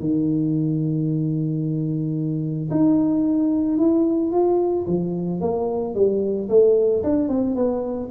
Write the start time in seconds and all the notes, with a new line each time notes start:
0.00 D#3
2.71 D#4
3.78 E4
4.32 F4
4.87 F3
5.41 A#3
5.95 G3
6.49 A3
7.04 D4
7.29 C4
7.56 B3